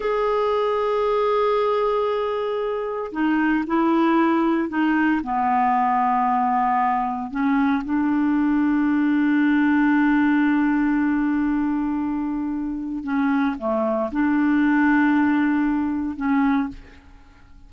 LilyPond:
\new Staff \with { instrumentName = "clarinet" } { \time 4/4 \tempo 4 = 115 gis'1~ | gis'2 dis'4 e'4~ | e'4 dis'4 b2~ | b2 cis'4 d'4~ |
d'1~ | d'1~ | d'4 cis'4 a4 d'4~ | d'2. cis'4 | }